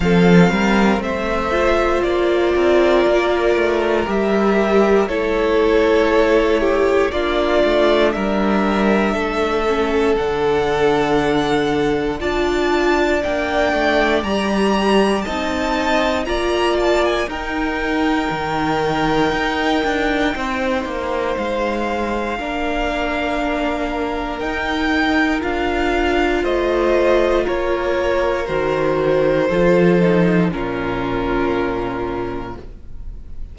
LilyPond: <<
  \new Staff \with { instrumentName = "violin" } { \time 4/4 \tempo 4 = 59 f''4 e''4 d''2 | e''4 cis''2 d''4 | e''2 fis''2 | a''4 g''4 ais''4 a''4 |
ais''8 a''16 gis''16 g''2.~ | g''4 f''2. | g''4 f''4 dis''4 cis''4 | c''2 ais'2 | }
  \new Staff \with { instrumentName = "violin" } { \time 4/4 a'8 ais'8 c''4. ais'4.~ | ais'4 a'4. g'8 f'4 | ais'4 a'2. | d''2. dis''4 |
d''4 ais'2. | c''2 ais'2~ | ais'2 c''4 ais'4~ | ais'4 a'4 f'2 | }
  \new Staff \with { instrumentName = "viola" } { \time 4/4 c'4. f'2~ f'8 | g'4 e'2 d'4~ | d'4. cis'8 d'2 | f'4 d'4 g'4 dis'4 |
f'4 dis'2.~ | dis'2 d'2 | dis'4 f'2. | fis'4 f'8 dis'8 cis'2 | }
  \new Staff \with { instrumentName = "cello" } { \time 4/4 f8 g8 a4 ais8 c'8 ais8 a8 | g4 a2 ais8 a8 | g4 a4 d2 | d'4 ais8 a8 g4 c'4 |
ais4 dis'4 dis4 dis'8 d'8 | c'8 ais8 gis4 ais2 | dis'4 d'4 a4 ais4 | dis4 f4 ais,2 | }
>>